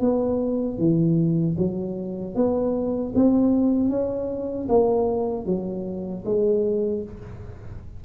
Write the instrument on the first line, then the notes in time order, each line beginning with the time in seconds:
tuba
0.00 B3
0.78 E3
1.58 F#3
2.35 B3
3.15 C4
3.89 C#4
4.69 A#3
5.46 F#3
6.25 G#3